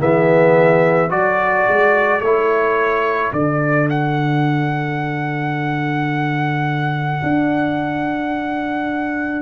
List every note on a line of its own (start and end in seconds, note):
0.00 1.10 E3
0.00 1.09 B3
0.00 1.10 G#4
0.00 1.10 E5
1.09 1.66 F#3
1.09 2.20 F#4
1.09 9.42 A4
1.09 2.21 D5
1.67 2.20 G#3
2.20 3.31 A3
2.20 3.34 E4
2.20 3.32 C#5
3.33 7.22 D3
3.33 9.42 D4
3.33 3.88 D5
3.90 9.42 F#5
7.23 9.42 D4